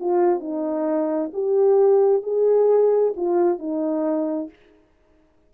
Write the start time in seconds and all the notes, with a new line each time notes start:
0.00 F4
0.40 D#4
1.33 G4
2.23 G#4
3.17 F4
3.59 D#4